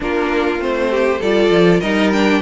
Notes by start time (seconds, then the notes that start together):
0.00 A#3 D4 F4 A#4
0.58 A3 C4 C5
0.90 G4
1.19 G3 F4 A4 D5
1.50 F3
1.79 G3 D#4 A#4 D#5
2.12 D4 G5